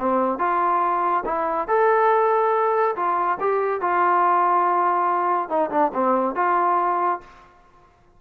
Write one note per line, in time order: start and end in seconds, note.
0.00 0.39 C4
0.39 1.24 F4
1.26 1.68 E4
1.68 2.96 A4
2.96 3.39 F4
3.40 3.81 G4
3.81 5.49 F4
5.49 5.71 D#4
5.71 5.92 D4
5.94 6.36 C4
6.36 7.21 F4